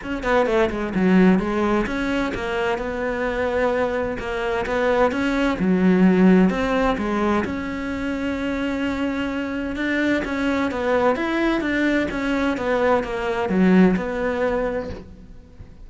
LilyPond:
\new Staff \with { instrumentName = "cello" } { \time 4/4 \tempo 4 = 129 cis'8 b8 a8 gis8 fis4 gis4 | cis'4 ais4 b2~ | b4 ais4 b4 cis'4 | fis2 c'4 gis4 |
cis'1~ | cis'4 d'4 cis'4 b4 | e'4 d'4 cis'4 b4 | ais4 fis4 b2 | }